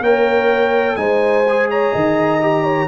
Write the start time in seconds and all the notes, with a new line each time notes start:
0.00 A#3 A#4 C#5 G5
0.96 G#3 D#4 C5 G#5
1.48 G#4
1.70 C#5 A#5
1.92 D#3 D#5
2.41 G4
2.63 C#5